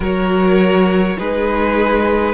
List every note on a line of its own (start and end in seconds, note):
0.00 1.16 F#3
0.00 1.17 F#4
0.00 1.17 A#4
0.00 1.19 C#5
1.17 2.34 G#3
1.17 2.34 D#4
1.17 2.34 G#4
1.17 2.34 B4